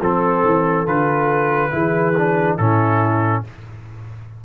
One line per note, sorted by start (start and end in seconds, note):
0.00 0.43 F3
0.00 0.86 C4
0.00 1.71 A4
0.00 0.87 A4
0.44 0.86 E3
0.86 1.72 D3
0.86 1.70 F4
0.86 2.57 B4
1.70 2.58 E3
1.70 2.13 E4
1.70 2.57 G#4
2.17 2.58 D4
2.57 3.44 A2
2.57 3.44 C#4
2.57 3.43 E4
2.57 3.42 A4